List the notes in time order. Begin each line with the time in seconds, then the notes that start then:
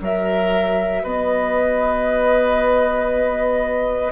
0.00 F#3 F#4 A#4 E5
1.03 B3 B4 D#5